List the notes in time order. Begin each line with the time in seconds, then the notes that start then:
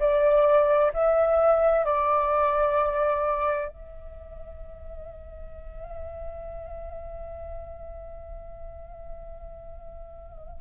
0.00 D5
0.94 E5
1.85 D5
3.69 E5